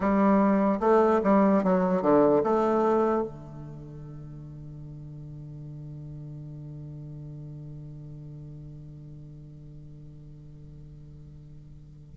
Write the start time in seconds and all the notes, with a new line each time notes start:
0.00 G3
0.80 A3
1.23 G3
1.63 F#3
2.02 D3
2.43 A3
3.23 D3